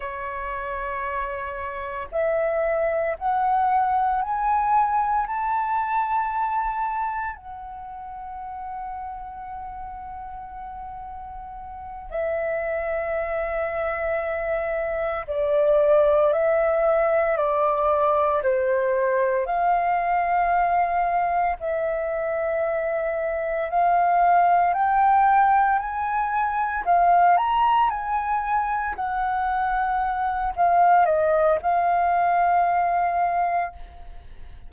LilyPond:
\new Staff \with { instrumentName = "flute" } { \time 4/4 \tempo 4 = 57 cis''2 e''4 fis''4 | gis''4 a''2 fis''4~ | fis''2.~ fis''8 e''8~ | e''2~ e''8 d''4 e''8~ |
e''8 d''4 c''4 f''4.~ | f''8 e''2 f''4 g''8~ | g''8 gis''4 f''8 ais''8 gis''4 fis''8~ | fis''4 f''8 dis''8 f''2 | }